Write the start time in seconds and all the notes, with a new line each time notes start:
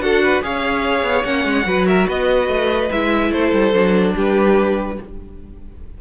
0.00 D4 F#4 A4 F#5
0.23 B4
0.42 C#4 G#4 C#5 F5
1.03 B3
1.24 A#3 C#4 F#5
1.45 G#3
1.63 F#3 F#4 B4
1.87 A#4 E5
2.08 B3 B4 D#5
2.48 A3
2.91 G#3 E4 E5
3.31 A3 A4 C5
3.52 G3
3.73 F#3 D4
4.14 G3 G4 B4